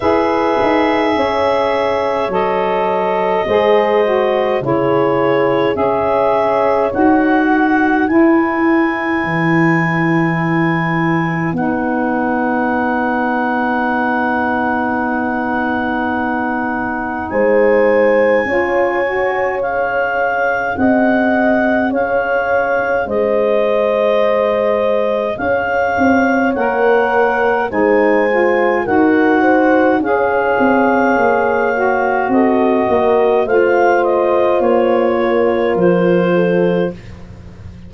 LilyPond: <<
  \new Staff \with { instrumentName = "clarinet" } { \time 4/4 \tempo 4 = 52 e''2 dis''2 | cis''4 e''4 fis''4 gis''4~ | gis''2 fis''2~ | fis''2. gis''4~ |
gis''4 f''4 fis''4 f''4 | dis''2 f''4 fis''4 | gis''4 fis''4 f''2 | dis''4 f''8 dis''8 cis''4 c''4 | }
  \new Staff \with { instrumentName = "horn" } { \time 4/4 b'4 cis''2 c''4 | gis'4 cis''4. b'4.~ | b'1~ | b'2. c''4 |
cis''2 dis''4 cis''4 | c''2 cis''2 | c''4 ais'8 c''8 cis''2 | a'8 ais'8 c''4. ais'4 a'8 | }
  \new Staff \with { instrumentName = "saxophone" } { \time 4/4 gis'2 a'4 gis'8 fis'8 | e'4 gis'4 fis'4 e'4~ | e'2 dis'2~ | dis'1 |
f'8 fis'8 gis'2.~ | gis'2. ais'4 | dis'8 f'8 fis'4 gis'4. fis'8~ | fis'4 f'2. | }
  \new Staff \with { instrumentName = "tuba" } { \time 4/4 e'8 dis'8 cis'4 fis4 gis4 | cis4 cis'4 dis'4 e'4 | e2 b2~ | b2. gis4 |
cis'2 c'4 cis'4 | gis2 cis'8 c'8 ais4 | gis4 dis'4 cis'8 c'8 ais4 | c'8 ais8 a4 ais4 f4 | }
>>